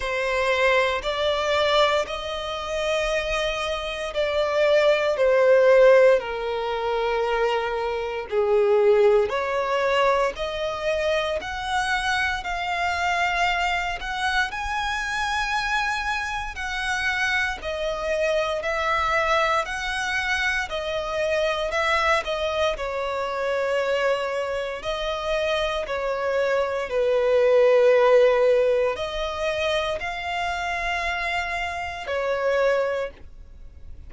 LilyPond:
\new Staff \with { instrumentName = "violin" } { \time 4/4 \tempo 4 = 58 c''4 d''4 dis''2 | d''4 c''4 ais'2 | gis'4 cis''4 dis''4 fis''4 | f''4. fis''8 gis''2 |
fis''4 dis''4 e''4 fis''4 | dis''4 e''8 dis''8 cis''2 | dis''4 cis''4 b'2 | dis''4 f''2 cis''4 | }